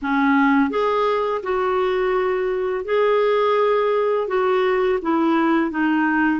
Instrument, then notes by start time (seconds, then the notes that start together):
clarinet
0.02 C#4
0.70 G#4
1.43 F#4
2.84 G#4
4.27 F#4
5.02 E4
5.70 D#4